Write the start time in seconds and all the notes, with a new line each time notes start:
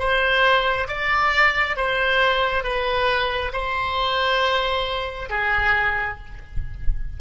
0.00 C5
0.89 D5
1.77 C5
2.64 B4
3.53 C5
5.30 G#4